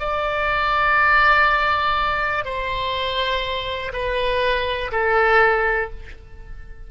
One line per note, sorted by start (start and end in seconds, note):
0.00 2.45 D5
2.45 3.93 C5
3.93 4.91 B4
4.92 5.90 A4